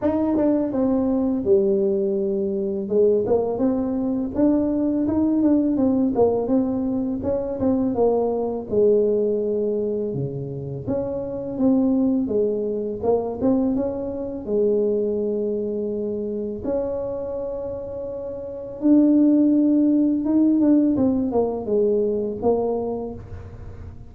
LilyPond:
\new Staff \with { instrumentName = "tuba" } { \time 4/4 \tempo 4 = 83 dis'8 d'8 c'4 g2 | gis8 ais8 c'4 d'4 dis'8 d'8 | c'8 ais8 c'4 cis'8 c'8 ais4 | gis2 cis4 cis'4 |
c'4 gis4 ais8 c'8 cis'4 | gis2. cis'4~ | cis'2 d'2 | dis'8 d'8 c'8 ais8 gis4 ais4 | }